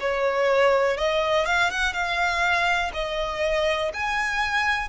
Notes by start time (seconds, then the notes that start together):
0.00 C#5
0.97 D#5
1.46 F5
1.71 F#5
1.93 F5
2.94 D#5
3.94 G#5